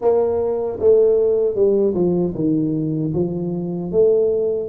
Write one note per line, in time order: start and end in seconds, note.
0.01 0.79 A#3
0.79 1.55 A3
1.55 1.94 G3
1.94 2.33 F3
2.34 3.12 D#3
3.13 3.91 F3
3.91 4.69 A3